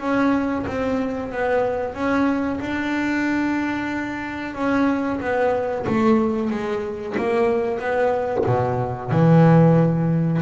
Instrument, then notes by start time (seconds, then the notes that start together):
double bass
0.00 C#4
0.67 C4
1.32 B3
1.94 C#4
2.60 D4
4.55 C#4
5.20 B3
5.87 A3
6.51 G#3
7.17 A#3
7.79 B3
8.46 B2
9.11 E3